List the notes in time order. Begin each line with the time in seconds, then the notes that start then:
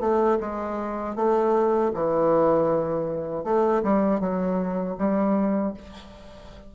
0.00 A3
0.40 G#3
1.16 A3
1.94 E3
3.44 A3
3.83 G3
4.20 F#3
4.98 G3